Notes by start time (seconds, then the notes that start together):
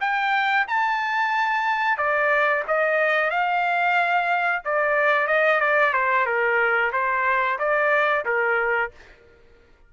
0.00 G5
0.67 A5
1.97 D5
2.67 D#5
3.30 F5
4.65 D5
5.27 D#5
5.60 D5
5.93 C5
6.26 A#4
6.92 C5
7.59 D5
8.25 A#4